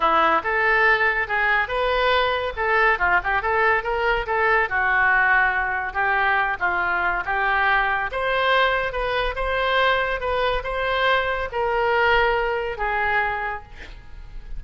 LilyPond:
\new Staff \with { instrumentName = "oboe" } { \time 4/4 \tempo 4 = 141 e'4 a'2 gis'4 | b'2 a'4 f'8 g'8 | a'4 ais'4 a'4 fis'4~ | fis'2 g'4. f'8~ |
f'4 g'2 c''4~ | c''4 b'4 c''2 | b'4 c''2 ais'4~ | ais'2 gis'2 | }